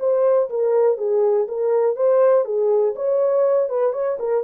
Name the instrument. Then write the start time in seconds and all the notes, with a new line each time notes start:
horn
0.00 C5
0.50 A#4
0.98 G#4
1.49 A#4
1.96 C5
2.45 G#4
2.96 C#5
3.70 B4
3.93 C#5
4.20 A#4